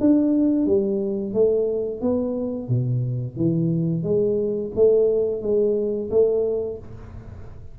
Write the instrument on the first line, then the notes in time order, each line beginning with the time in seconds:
tuba
0.00 D4
0.66 G3
1.34 A3
2.01 B3
2.69 B2
3.37 E3
4.04 G#3
4.75 A3
5.42 G#3
6.11 A3